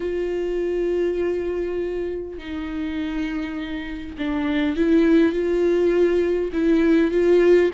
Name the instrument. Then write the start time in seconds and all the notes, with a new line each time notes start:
viola
0.00 F4
2.38 D#4
4.18 D4
4.76 E4
5.32 F4
6.52 E4
7.11 F4